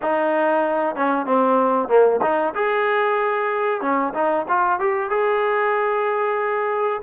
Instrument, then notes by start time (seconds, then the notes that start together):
trombone
0.01 D#4
0.95 C#4
1.26 C4
1.88 A#3
2.22 D#4
2.54 G#4
3.81 C#4
4.14 D#4
4.48 F4
4.79 G4
5.10 G#4